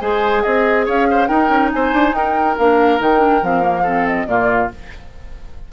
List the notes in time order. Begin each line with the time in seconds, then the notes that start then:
0.00 G#3 G#4 C5 G#5
0.42 C4 G#4 D#5
0.85 C#4 C#5 F5
1.10 C5
1.27 D#4 A#4 G5
1.49 C#4
1.72 C4 C5 G#5
1.93 D4
2.12 D#4 A#4 G5
2.57 A#3 D4 F5
2.99 D#3 D#4 G5
3.19 D4
3.42 F3 C4 F5
3.61 A#3
3.83 C4 A4
4.07 D#5
4.27 A#2 A#3 F4 D5